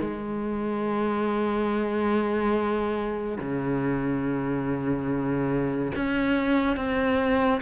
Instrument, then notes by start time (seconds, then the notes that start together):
cello
0.00 G#3
3.38 C#3
5.95 C#4
6.76 C4